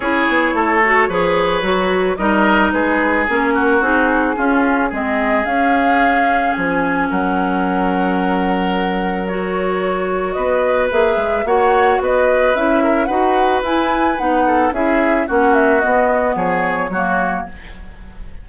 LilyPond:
<<
  \new Staff \with { instrumentName = "flute" } { \time 4/4 \tempo 4 = 110 cis''1 | dis''4 b'4 ais'4 gis'4~ | gis'4 dis''4 f''2 | gis''4 fis''2.~ |
fis''4 cis''2 dis''4 | e''4 fis''4 dis''4 e''4 | fis''4 gis''4 fis''4 e''4 | fis''8 e''8 dis''4 cis''2 | }
  \new Staff \with { instrumentName = "oboe" } { \time 4/4 gis'4 a'4 b'2 | ais'4 gis'4. fis'4. | f'4 gis'2.~ | gis'4 ais'2.~ |
ais'2. b'4~ | b'4 cis''4 b'4. ais'8 | b'2~ b'8 a'8 gis'4 | fis'2 gis'4 fis'4 | }
  \new Staff \with { instrumentName = "clarinet" } { \time 4/4 e'4. fis'8 gis'4 fis'4 | dis'2 cis'4 dis'4 | cis'4 c'4 cis'2~ | cis'1~ |
cis'4 fis'2. | gis'4 fis'2 e'4 | fis'4 e'4 dis'4 e'4 | cis'4 b2 ais4 | }
  \new Staff \with { instrumentName = "bassoon" } { \time 4/4 cis'8 b8 a4 f4 fis4 | g4 gis4 ais4 c'4 | cis'4 gis4 cis'2 | f4 fis2.~ |
fis2. b4 | ais8 gis8 ais4 b4 cis'4 | dis'4 e'4 b4 cis'4 | ais4 b4 f4 fis4 | }
>>